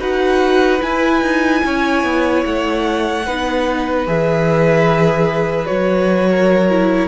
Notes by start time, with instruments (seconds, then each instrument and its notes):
0.00 cello D#4, viola F#4, violin B4 F#5
0.79 viola E4, cello E4, violin G#5
1.22 cello D#4
1.65 cello C#4, violin C#5
2.03 cello B3
2.45 cello A3, violin F#5
3.26 cello B3, viola D#4, violin B4
4.06 cello E3, viola G#4, violin E5
5.66 cello F#3, viola F#4, violin C#5
6.30 violin A#4
6.69 viola E4